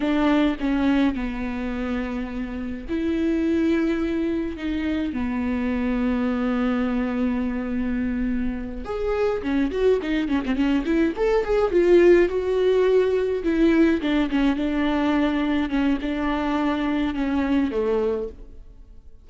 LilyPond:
\new Staff \with { instrumentName = "viola" } { \time 4/4 \tempo 4 = 105 d'4 cis'4 b2~ | b4 e'2. | dis'4 b2.~ | b2.~ b8 gis'8~ |
gis'8 cis'8 fis'8 dis'8 cis'16 c'16 cis'8 e'8 a'8 | gis'8 f'4 fis'2 e'8~ | e'8 d'8 cis'8 d'2 cis'8 | d'2 cis'4 a4 | }